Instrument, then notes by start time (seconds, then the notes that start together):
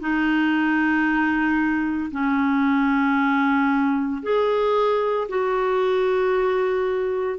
clarinet
0.00 D#4
2.11 C#4
4.22 G#4
5.28 F#4